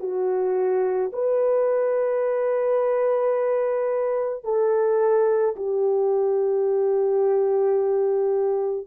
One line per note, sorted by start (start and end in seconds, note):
0.00 1.11 F#4
1.13 4.44 B4
4.44 5.55 A4
5.56 8.87 G4